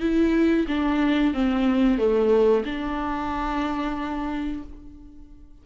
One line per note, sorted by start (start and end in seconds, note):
0.00 0.66 E4
0.67 1.33 D4
1.34 1.98 C4
1.98 2.64 A3
2.65 4.63 D4